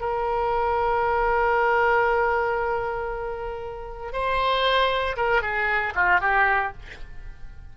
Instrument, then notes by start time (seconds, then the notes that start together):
oboe
0.00 A#4
4.12 C5
5.16 A#4
5.41 G#4
5.95 F4
6.20 G4